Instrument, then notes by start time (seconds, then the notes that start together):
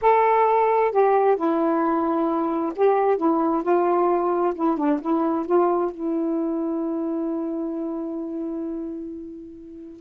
saxophone
0.01 A4
0.91 G4
1.36 E4
2.75 G4
3.17 E4
3.62 F4
4.55 E4
4.77 D4
5.01 E4
5.45 F4
5.91 E4